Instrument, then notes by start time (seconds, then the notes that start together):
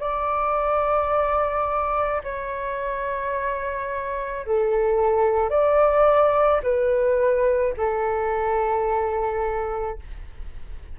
flute
0.00 D5
2.24 C#5
4.46 A4
5.51 D5
6.63 B4
7.77 A4